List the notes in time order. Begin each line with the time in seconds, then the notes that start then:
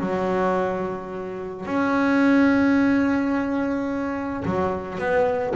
0.00 F#3
1.66 C#4
4.45 F#3
4.98 B3